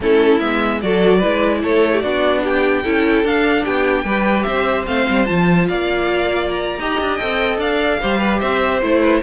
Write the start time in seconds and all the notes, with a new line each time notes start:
0.00 A3 C#4 E4 A4
0.40 G#3 B3 E5
0.81 F#3 F#4 A4 D5
1.18 E4 B4
1.24 G#3
1.62 A3 A4 C#5
1.92 G4
2.01 B3 D4 F#4 D5
2.43 G4 G5
2.83 C#4 E4 A4
3.24 D4 F5
3.64 B3 G4 G5
4.04 G3 G4 B4
4.42 C4 C5 E5
4.86 A3 C4 F5
5.09 G3
5.25 F3 F4 A5
5.67 A#3 D5 F5
6.51 A#5
6.78 D#4 G4 D#5
6.99 D4
7.15 A4 G5
7.21 C4
7.57 D4 D5 F5
8.01 G3 G4 C5
8.18 B4
8.39 C4 C5 E5
8.81 A3 E4 C5
9.00 B4